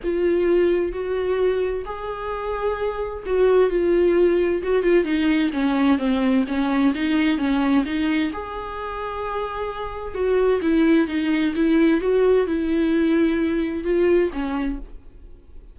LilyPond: \new Staff \with { instrumentName = "viola" } { \time 4/4 \tempo 4 = 130 f'2 fis'2 | gis'2. fis'4 | f'2 fis'8 f'8 dis'4 | cis'4 c'4 cis'4 dis'4 |
cis'4 dis'4 gis'2~ | gis'2 fis'4 e'4 | dis'4 e'4 fis'4 e'4~ | e'2 f'4 cis'4 | }